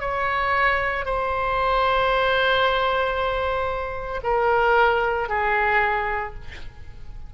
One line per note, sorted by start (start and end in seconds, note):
0.00 1.05 C#5
1.05 4.21 C5
4.23 5.29 A#4
5.29 6.34 G#4